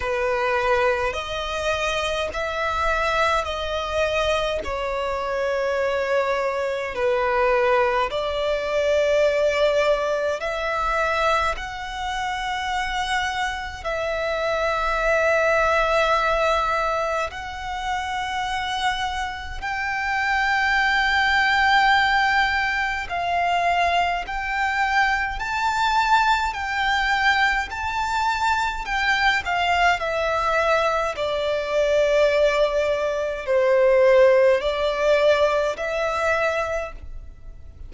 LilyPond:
\new Staff \with { instrumentName = "violin" } { \time 4/4 \tempo 4 = 52 b'4 dis''4 e''4 dis''4 | cis''2 b'4 d''4~ | d''4 e''4 fis''2 | e''2. fis''4~ |
fis''4 g''2. | f''4 g''4 a''4 g''4 | a''4 g''8 f''8 e''4 d''4~ | d''4 c''4 d''4 e''4 | }